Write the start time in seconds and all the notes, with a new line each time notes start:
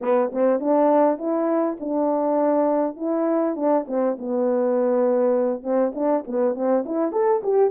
0.01 B3
0.32 C4
0.59 D4
1.17 E4
1.80 D4
2.96 E4
3.56 D4
3.87 C4
4.18 B3
5.62 C4
5.94 D4
6.27 B3
6.54 C4
6.85 E4
7.12 A4
7.43 G4